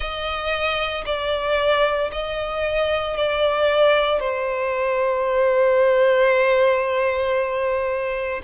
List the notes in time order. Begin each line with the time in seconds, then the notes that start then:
0.00 D#5
1.05 D5
2.11 D#5
3.16 D5
4.20 C5